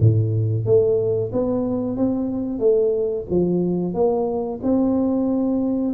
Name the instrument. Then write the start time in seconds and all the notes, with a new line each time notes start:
tuba
0.00 A2
0.66 A3
1.33 B3
1.97 C4
2.60 A3
3.30 F3
3.94 A#3
4.63 C4